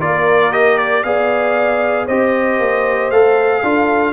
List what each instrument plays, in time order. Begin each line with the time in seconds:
0.00 tuba A#3, trombone F4, horn A#4, trumpet D5
0.52 trombone G4, trumpet D#5
0.78 trumpet D5
1.03 tuba B3, trombone G#4, horn D5, trumpet F5
2.06 tuba C4, trombone G4, horn C5, trumpet D#5
2.59 tuba A#3
3.11 tuba A3, trombone A4, trumpet F5
3.63 tuba D4, trombone F4, horn A4